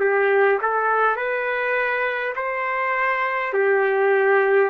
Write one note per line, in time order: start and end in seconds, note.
0.00 0.59 G4
0.61 1.16 A4
1.16 2.34 B4
2.35 3.53 C5
3.53 4.70 G4